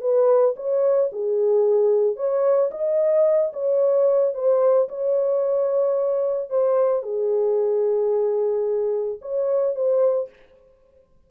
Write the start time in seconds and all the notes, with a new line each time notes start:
0.00 B4
0.56 C#5
1.12 G#4
2.16 C#5
2.71 D#5
3.53 C#5
4.34 C5
4.88 C#5
6.49 C5
7.02 G#4
9.21 C#5
9.75 C5